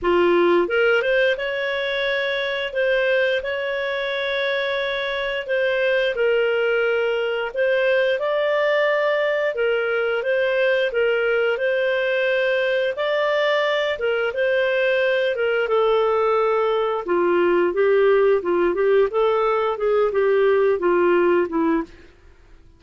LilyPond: \new Staff \with { instrumentName = "clarinet" } { \time 4/4 \tempo 4 = 88 f'4 ais'8 c''8 cis''2 | c''4 cis''2. | c''4 ais'2 c''4 | d''2 ais'4 c''4 |
ais'4 c''2 d''4~ | d''8 ais'8 c''4. ais'8 a'4~ | a'4 f'4 g'4 f'8 g'8 | a'4 gis'8 g'4 f'4 e'8 | }